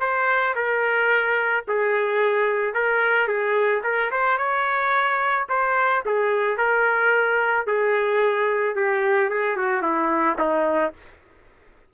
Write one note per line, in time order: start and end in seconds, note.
0.00 0.55 C5
0.55 1.64 A#4
1.68 2.74 G#4
2.74 3.28 A#4
3.28 3.82 G#4
3.83 4.11 A#4
4.11 4.37 C5
4.37 5.46 C#5
5.49 6.03 C5
6.05 6.57 G#4
6.57 7.66 A#4
7.67 8.75 G#4
8.75 9.30 G4
9.30 9.57 G#4
9.57 9.82 F#4
9.82 10.36 E4
10.38 10.93 D#4